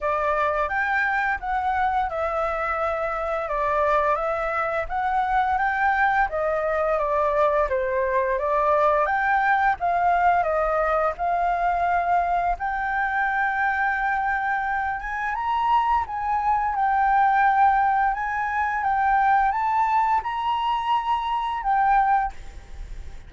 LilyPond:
\new Staff \with { instrumentName = "flute" } { \time 4/4 \tempo 4 = 86 d''4 g''4 fis''4 e''4~ | e''4 d''4 e''4 fis''4 | g''4 dis''4 d''4 c''4 | d''4 g''4 f''4 dis''4 |
f''2 g''2~ | g''4. gis''8 ais''4 gis''4 | g''2 gis''4 g''4 | a''4 ais''2 g''4 | }